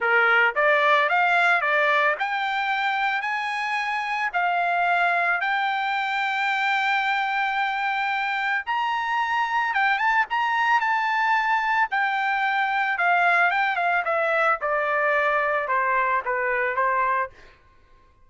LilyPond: \new Staff \with { instrumentName = "trumpet" } { \time 4/4 \tempo 4 = 111 ais'4 d''4 f''4 d''4 | g''2 gis''2 | f''2 g''2~ | g''1 |
ais''2 g''8 a''8 ais''4 | a''2 g''2 | f''4 g''8 f''8 e''4 d''4~ | d''4 c''4 b'4 c''4 | }